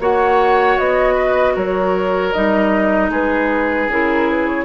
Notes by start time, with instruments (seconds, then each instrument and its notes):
0.00 bassoon A#3, clarinet F#4, oboe C#5, flute F#5
0.78 bassoon B3, flute D#5
1.15 oboe B4
1.55 bassoon F#3, oboe A#4, flute C#5
2.33 bassoon G3, clarinet D#4, flute D#5
3.10 bassoon G#3, oboe G#4, flute B4
3.88 bassoon C#3, clarinet E4, flute A#4
4.30 flute B4
4.46 flute C#5